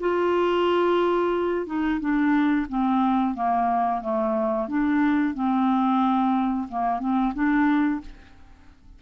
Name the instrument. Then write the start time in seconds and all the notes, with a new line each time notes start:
clarinet
0.00 F4
1.66 D#4
2.00 D4
2.69 C4
3.35 A#3
4.02 A3
4.68 D4
5.35 C4
6.69 A#3
7.00 C4
7.34 D4